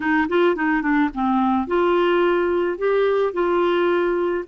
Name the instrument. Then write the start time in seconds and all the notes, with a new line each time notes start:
clarinet
0.00 D#4
0.28 F4
0.55 D#4
0.82 D4
1.13 C4
1.67 F4
2.78 G4
3.33 F4